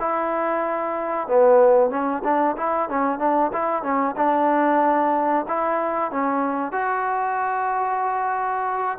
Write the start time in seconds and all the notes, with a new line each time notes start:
0.00 E4
1.28 B3
1.91 C#4
2.24 D4
2.57 E4
2.90 C#4
3.19 D4
3.53 E4
3.83 C#4
4.17 D4
5.48 E4
6.11 C#4
6.72 F#4